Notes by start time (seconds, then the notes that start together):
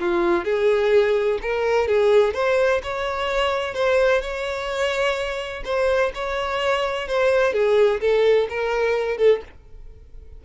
0.00 F4
0.45 G#4
1.42 A#4
1.88 G#4
2.34 C5
2.83 C#5
3.75 C5
4.22 C#5
5.65 C5
6.15 C#5
7.08 C5
7.53 G#4
8.01 A4
8.50 A#4
9.18 A4